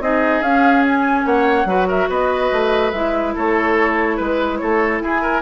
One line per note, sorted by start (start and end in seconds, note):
0.00 0.41 C4
0.00 0.43 D#4
0.00 1.26 G#4
0.00 0.42 D#5
0.41 1.24 C#4
0.41 1.67 C#4
0.41 0.84 F5
0.85 1.26 G#5
1.25 1.65 A#3
1.25 1.68 C#5
1.25 1.88 F#5
1.65 2.06 F#3
1.65 2.92 F#4
1.65 1.88 B4
1.88 2.08 A#4
1.88 2.10 E5
2.09 2.50 B3
2.09 3.34 B4
2.09 2.92 D#5
2.52 2.93 A3
2.92 3.34 G#3
2.92 5.42 E4
2.92 3.34 E5
3.35 4.19 A3
3.35 4.16 A4
3.35 4.18 C#5
4.16 4.61 G#3
4.16 4.58 B4
4.16 4.57 B4
4.57 5.01 A3
4.57 5.02 A4
4.57 4.99 C#5
5.01 5.42 E4
5.01 5.22 G#4
5.01 5.42 G#5
5.22 5.42 A#4